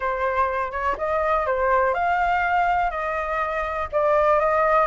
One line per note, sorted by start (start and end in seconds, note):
0.00 0.71 C5
0.71 0.96 C#5
0.97 1.46 D#5
1.46 1.94 C5
1.94 2.90 F5
2.90 3.88 D#5
3.92 4.39 D5
4.39 4.87 D#5